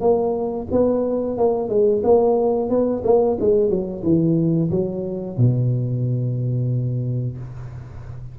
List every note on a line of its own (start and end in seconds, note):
0.00 0.67 A#3
0.71 1.37 B3
1.37 1.68 A#3
1.68 2.02 G#3
2.03 2.69 A#3
2.69 3.02 B3
3.04 3.37 A#3
3.40 3.69 G#3
3.69 4.03 F#3
4.03 4.70 E3
4.70 5.37 F#3
5.37 7.37 B2